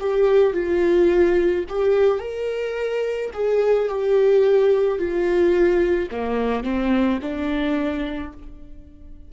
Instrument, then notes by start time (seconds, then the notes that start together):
viola
0.00 G4
0.54 F4
1.69 G4
2.20 A#4
3.34 G#4
3.89 G4
4.99 F4
6.11 A#3
6.64 C4
7.22 D4